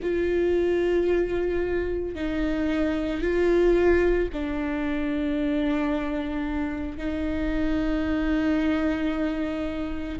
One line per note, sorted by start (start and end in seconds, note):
0.02 2.15 F4
2.15 3.21 D#4
3.21 4.28 F4
4.32 6.97 D4
6.97 10.19 D#4